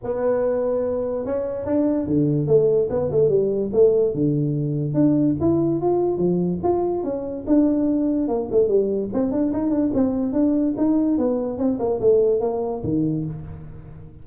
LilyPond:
\new Staff \with { instrumentName = "tuba" } { \time 4/4 \tempo 4 = 145 b2. cis'4 | d'4 d4 a4 b8 a8 | g4 a4 d2 | d'4 e'4 f'4 f4 |
f'4 cis'4 d'2 | ais8 a8 g4 c'8 d'8 dis'8 d'8 | c'4 d'4 dis'4 b4 | c'8 ais8 a4 ais4 dis4 | }